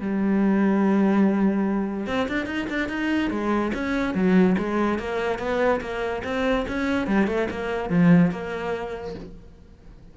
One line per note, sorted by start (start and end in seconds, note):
0.00 2.06 G3
2.06 2.27 C4
2.28 2.46 D4
2.46 2.67 D#4
2.70 2.89 D4
2.89 3.30 D#4
3.30 3.72 G#3
3.74 4.14 C#4
4.14 4.56 F#3
4.58 4.99 G#3
4.99 5.39 A#3
5.39 5.80 B3
5.81 6.22 A#3
6.24 6.66 C4
6.68 7.07 C#4
7.07 7.27 G3
7.27 7.48 A3
7.50 7.90 A#3
7.90 8.31 F3
8.31 9.15 A#3